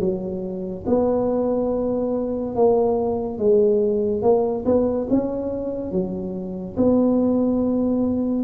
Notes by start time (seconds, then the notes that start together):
0.00 F#3
0.87 B3
2.55 A#3
3.38 G#3
4.22 A#3
4.66 B3
5.10 C#4
5.92 F#3
6.77 B3